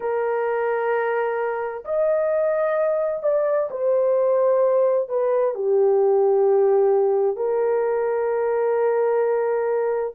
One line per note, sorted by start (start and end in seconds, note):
0.00 1.84 A#4
1.84 3.23 D#5
3.23 3.69 D5
3.70 5.08 C5
5.09 5.54 B4
5.54 7.36 G4
7.36 10.13 A#4